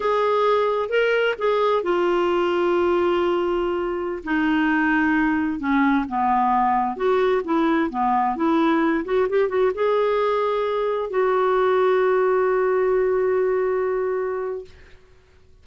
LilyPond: \new Staff \with { instrumentName = "clarinet" } { \time 4/4 \tempo 4 = 131 gis'2 ais'4 gis'4 | f'1~ | f'4~ f'16 dis'2~ dis'8.~ | dis'16 cis'4 b2 fis'8.~ |
fis'16 e'4 b4 e'4. fis'16~ | fis'16 g'8 fis'8 gis'2~ gis'8.~ | gis'16 fis'2.~ fis'8.~ | fis'1 | }